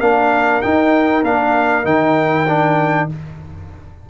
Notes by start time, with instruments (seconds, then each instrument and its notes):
0.00 tuba A#3, trombone D4, horn A#4, trumpet F5
0.62 trombone D#4, tuba D#4, trumpet G5
1.23 tuba A#3, trombone D4, trumpet F5
1.84 tuba D#3, trombone D#4, trumpet G5
2.48 trombone D4